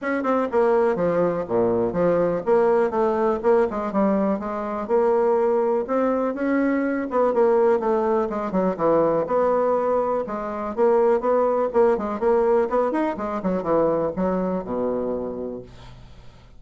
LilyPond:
\new Staff \with { instrumentName = "bassoon" } { \time 4/4 \tempo 4 = 123 cis'8 c'8 ais4 f4 ais,4 | f4 ais4 a4 ais8 gis8 | g4 gis4 ais2 | c'4 cis'4. b8 ais4 |
a4 gis8 fis8 e4 b4~ | b4 gis4 ais4 b4 | ais8 gis8 ais4 b8 dis'8 gis8 fis8 | e4 fis4 b,2 | }